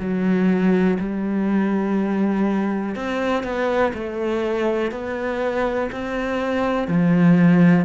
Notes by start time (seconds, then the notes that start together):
0.00 F#3
1.00 G3
2.96 C4
3.43 B3
3.94 A3
4.92 B3
5.92 C4
6.88 F3